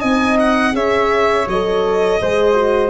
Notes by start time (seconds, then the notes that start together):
0.00 C4 D#4 D#5 G#5
0.40 F#5
0.73 C#4 G#4 C#5 E5
1.48 F#3 A4 D#5
2.21 G#3 G#4 C5
2.55 F#4